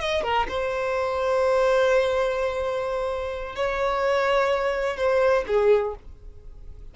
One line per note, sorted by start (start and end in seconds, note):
0.00 0.23 D#5
0.23 0.47 A#4
0.48 3.56 C5
3.56 4.97 C#5
4.97 5.44 C5
5.47 5.95 G#4